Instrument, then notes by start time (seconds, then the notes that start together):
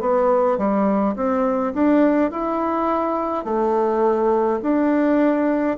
bassoon
0.00 B3
0.58 G3
1.15 C4
1.73 D4
2.31 E4
3.45 A3
4.62 D4